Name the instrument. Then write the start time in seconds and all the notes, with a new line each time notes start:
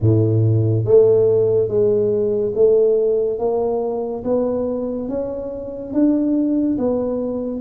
tuba
0.00 A2
0.85 A3
1.67 G#3
2.54 A3
3.38 A#3
4.24 B3
5.08 C#4
5.93 D4
6.78 B3